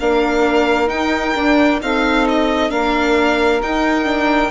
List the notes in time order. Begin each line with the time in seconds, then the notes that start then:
0.00 A#3 D4 A#4 F5
0.87 D#4 G5
1.35 D4
1.80 C4 D#4 A4 F5
2.28 D#5
2.69 A#3 D4 A#4 F5
3.62 D#4 G5
4.04 D4